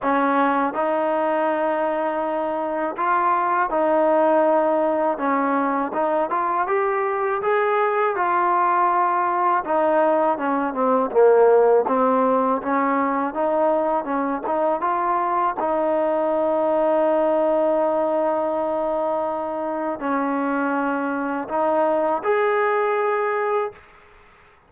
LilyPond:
\new Staff \with { instrumentName = "trombone" } { \time 4/4 \tempo 4 = 81 cis'4 dis'2. | f'4 dis'2 cis'4 | dis'8 f'8 g'4 gis'4 f'4~ | f'4 dis'4 cis'8 c'8 ais4 |
c'4 cis'4 dis'4 cis'8 dis'8 | f'4 dis'2.~ | dis'2. cis'4~ | cis'4 dis'4 gis'2 | }